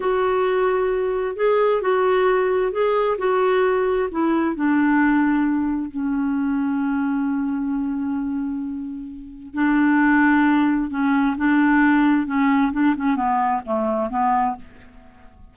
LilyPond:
\new Staff \with { instrumentName = "clarinet" } { \time 4/4 \tempo 4 = 132 fis'2. gis'4 | fis'2 gis'4 fis'4~ | fis'4 e'4 d'2~ | d'4 cis'2.~ |
cis'1~ | cis'4 d'2. | cis'4 d'2 cis'4 | d'8 cis'8 b4 a4 b4 | }